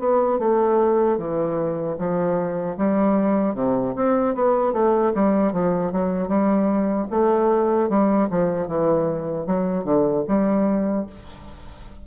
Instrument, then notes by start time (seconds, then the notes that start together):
bassoon
0.00 B3
0.39 A3
1.18 E3
1.98 F3
2.78 G3
3.55 C3
3.96 C4
4.35 B3
4.73 A3
5.15 G3
5.53 F3
5.92 F#3
6.29 G3
7.11 A3
7.89 G3
8.30 F3
8.68 E3
9.47 F#3
9.85 D3
10.28 G3